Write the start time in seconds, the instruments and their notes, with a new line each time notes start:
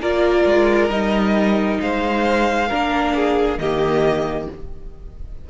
0.00 cello A#3, viola F4, violin A#4 D5
0.46 cello G#3
0.89 cello G3, viola D#4, violin D#5
1.80 cello G#3, violin C5 F5
2.68 cello A#3, viola D4, violin A#4
3.15 violin G#4
3.58 cello D#3, viola A#3, violin G4 D#5